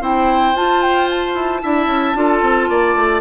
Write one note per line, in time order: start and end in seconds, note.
0.00 0.54 C4
0.00 0.54 E4
0.00 1.62 C5
0.00 0.56 G5
0.55 1.34 F4
0.55 1.61 F4
0.55 0.82 A5
0.82 1.08 G5
1.09 3.20 A5
1.34 1.61 E4
1.61 1.86 D4
1.61 2.15 E4
1.61 2.16 E5
1.86 2.13 C#4
2.15 2.41 D4
2.15 3.20 F4
2.15 2.69 A4
2.41 2.68 C4
2.68 2.95 A#3
2.68 3.20 D5
2.95 3.20 A3